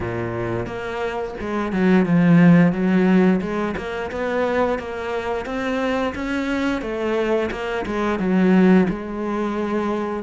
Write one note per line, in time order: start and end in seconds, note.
0.00 0.66 A#2
0.66 1.34 A#3
1.40 1.72 G#3
1.72 2.05 F#3
2.05 2.72 F3
2.72 3.40 F#3
3.41 3.75 G#3
3.76 4.10 A#3
4.11 4.78 B3
4.78 5.45 A#3
5.45 6.13 C4
6.14 6.81 C#4
6.81 7.49 A3
7.51 7.85 A#3
7.86 8.18 G#3
8.18 8.87 F#3
8.89 10.23 G#3